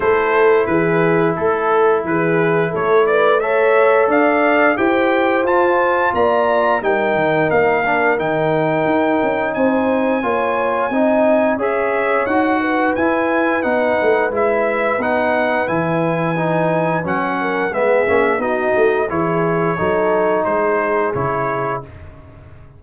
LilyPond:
<<
  \new Staff \with { instrumentName = "trumpet" } { \time 4/4 \tempo 4 = 88 c''4 b'4 a'4 b'4 | cis''8 d''8 e''4 f''4 g''4 | a''4 ais''4 g''4 f''4 | g''2 gis''2~ |
gis''4 e''4 fis''4 gis''4 | fis''4 e''4 fis''4 gis''4~ | gis''4 fis''4 e''4 dis''4 | cis''2 c''4 cis''4 | }
  \new Staff \with { instrumentName = "horn" } { \time 4/4 a'4 gis'4 a'4 gis'4 | a'8 b'8 cis''4 d''4 c''4~ | c''4 d''4 ais'2~ | ais'2 c''4 cis''4 |
dis''4 cis''4. b'4.~ | b'1~ | b'4. ais'8 gis'4 fis'4 | gis'4 a'4 gis'2 | }
  \new Staff \with { instrumentName = "trombone" } { \time 4/4 e'1~ | e'4 a'2 g'4 | f'2 dis'4. d'8 | dis'2. f'4 |
dis'4 gis'4 fis'4 e'4 | dis'4 e'4 dis'4 e'4 | dis'4 cis'4 b8 cis'8 dis'4 | e'4 dis'2 e'4 | }
  \new Staff \with { instrumentName = "tuba" } { \time 4/4 a4 e4 a4 e4 | a2 d'4 e'4 | f'4 ais4 g8 dis8 ais4 | dis4 dis'8 cis'8 c'4 ais4 |
c'4 cis'4 dis'4 e'4 | b8 a8 gis4 b4 e4~ | e4 fis4 gis8 ais8 b8 a8 | e4 fis4 gis4 cis4 | }
>>